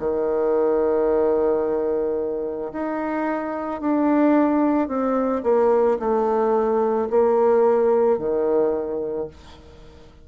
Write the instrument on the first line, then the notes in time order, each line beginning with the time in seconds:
bassoon
0.00 D#3
2.73 D#4
3.81 D4
4.88 C4
5.44 A#3
6.00 A3
7.11 A#3
8.19 D#3